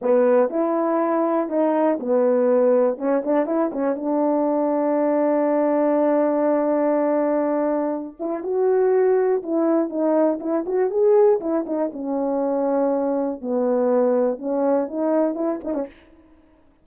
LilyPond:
\new Staff \with { instrumentName = "horn" } { \time 4/4 \tempo 4 = 121 b4 e'2 dis'4 | b2 cis'8 d'8 e'8 cis'8 | d'1~ | d'1~ |
d'8 e'8 fis'2 e'4 | dis'4 e'8 fis'8 gis'4 e'8 dis'8 | cis'2. b4~ | b4 cis'4 dis'4 e'8 dis'16 cis'16 | }